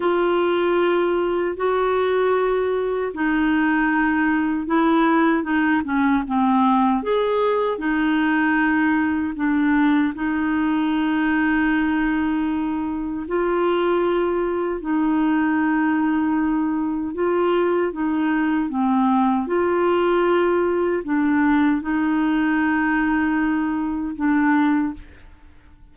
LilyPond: \new Staff \with { instrumentName = "clarinet" } { \time 4/4 \tempo 4 = 77 f'2 fis'2 | dis'2 e'4 dis'8 cis'8 | c'4 gis'4 dis'2 | d'4 dis'2.~ |
dis'4 f'2 dis'4~ | dis'2 f'4 dis'4 | c'4 f'2 d'4 | dis'2. d'4 | }